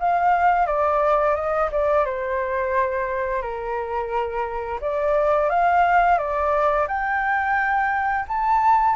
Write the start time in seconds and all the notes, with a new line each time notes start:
0.00 F5
0.67 D5
1.35 D#5
1.72 D5
2.05 C5
3.42 A#4
4.81 D5
5.50 F5
6.18 D5
6.88 G5
8.28 A5